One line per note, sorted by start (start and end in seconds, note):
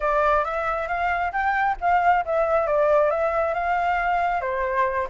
0.00 0.44 D5
0.44 0.87 E5
0.87 1.32 F5
1.32 1.76 G5
1.80 2.25 F5
2.25 2.66 E5
2.66 3.10 D5
3.10 3.54 E5
3.54 4.41 F5
4.41 5.07 C5